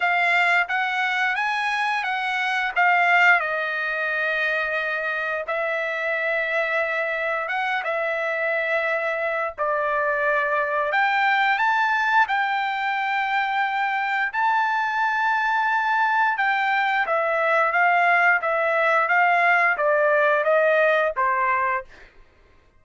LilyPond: \new Staff \with { instrumentName = "trumpet" } { \time 4/4 \tempo 4 = 88 f''4 fis''4 gis''4 fis''4 | f''4 dis''2. | e''2. fis''8 e''8~ | e''2 d''2 |
g''4 a''4 g''2~ | g''4 a''2. | g''4 e''4 f''4 e''4 | f''4 d''4 dis''4 c''4 | }